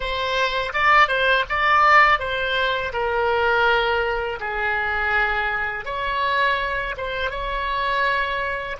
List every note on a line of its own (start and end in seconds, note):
0.00 0.73 C5
0.73 1.07 D5
1.07 1.44 C5
1.49 2.19 D5
2.19 2.92 C5
2.92 4.39 A#4
4.40 5.85 G#4
5.85 6.95 C#5
6.97 7.30 C5
7.30 8.76 C#5